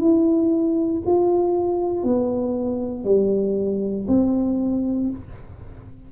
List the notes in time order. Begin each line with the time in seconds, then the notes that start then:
0.00 E4
1.06 F4
2.03 B3
3.05 G3
4.08 C4